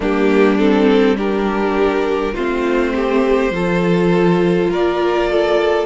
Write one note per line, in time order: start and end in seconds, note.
0.00 2.33 G3
0.00 0.58 A#3
0.00 1.15 D4
0.00 0.58 G4
0.58 1.16 C4
0.58 1.16 A4
1.16 2.34 D4
1.16 2.34 G4
1.16 2.34 A#4
2.34 3.50 A3
2.34 3.52 C4
2.34 2.92 F4
2.34 4.70 C5
2.94 3.53 G4
3.50 4.68 F3
3.50 5.85 F4
3.50 4.71 A4
4.70 5.85 A#3
4.70 5.29 A#4
4.70 5.85 D5
5.29 5.85 A4